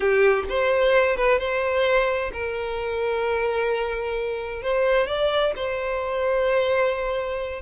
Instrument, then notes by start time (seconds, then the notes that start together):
violin
0.00 G4
0.49 C5
1.16 B4
1.38 C5
2.33 A#4
4.62 C5
5.06 D5
5.56 C5